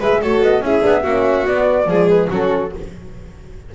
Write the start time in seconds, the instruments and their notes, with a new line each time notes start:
0.00 double bass G#3, horn G#4, violin B4, flute E5
0.21 double bass A3, horn F#4, violin A4, flute C#5
0.41 double bass B3, flute D#5
0.61 double bass C#4, horn E4, violin G#4, flute E5
0.82 double bass B3, horn D4
1.04 double bass A#3, horn C#4, violin F#4
1.47 horn B3, double bass B3, flute D5
1.87 double bass F3, horn G#3, violin G#4
2.09 flute B4
2.30 double bass F#3, horn C#4, violin F#4, flute A4